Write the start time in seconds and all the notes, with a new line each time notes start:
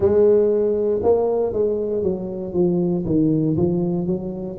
0.00 G#3
1.02 A#3
1.53 G#3
2.02 F#3
2.53 F3
3.05 D#3
3.56 F3
4.06 F#3